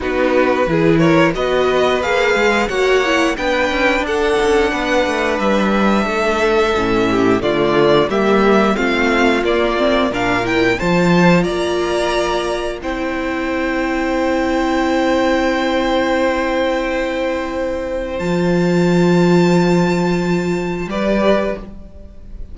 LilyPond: <<
  \new Staff \with { instrumentName = "violin" } { \time 4/4 \tempo 4 = 89 b'4. cis''8 dis''4 f''4 | fis''4 g''4 fis''2 | e''2. d''4 | e''4 f''4 d''4 f''8 g''8 |
a''4 ais''2 g''4~ | g''1~ | g''2. a''4~ | a''2. d''4 | }
  \new Staff \with { instrumentName = "violin" } { \time 4/4 fis'4 gis'8 ais'8 b'2 | cis''4 b'4 a'4 b'4~ | b'4 a'4. g'8 f'4 | g'4 f'2 ais'4 |
c''4 d''2 c''4~ | c''1~ | c''1~ | c''2. b'4 | }
  \new Staff \with { instrumentName = "viola" } { \time 4/4 dis'4 e'4 fis'4 gis'4 | fis'8 e'8 d'2.~ | d'2 cis'4 a4 | ais4 c'4 ais8 c'8 d'8 e'8 |
f'2. e'4~ | e'1~ | e'2. f'4~ | f'2. g'4 | }
  \new Staff \with { instrumentName = "cello" } { \time 4/4 b4 e4 b4 ais8 gis8 | ais4 b8 cis'8 d'8 cis'8 b8 a8 | g4 a4 a,4 d4 | g4 a4 ais4 ais,4 |
f4 ais2 c'4~ | c'1~ | c'2. f4~ | f2. g4 | }
>>